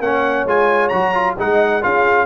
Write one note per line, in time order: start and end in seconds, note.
0.00 0.45 A#3
0.00 0.48 C#4
0.00 1.38 C#5
0.00 0.47 F#5
0.45 0.90 G#3
0.45 0.93 F4
0.45 0.89 G#5
0.89 1.38 F#3
0.89 1.14 F#4
0.89 1.34 A#5
1.14 1.37 F4
1.38 1.84 G#3
1.38 1.82 D#4
1.38 1.82 D#5
1.38 1.83 F#5
1.82 2.26 C#4
1.82 2.26 F4
1.82 2.26 G#4
1.82 2.26 F5